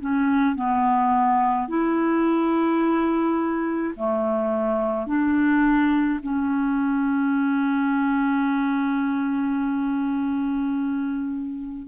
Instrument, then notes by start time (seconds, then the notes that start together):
clarinet
0.00 C#4
0.56 B3
1.68 E4
3.96 A3
5.06 D4
6.23 C#4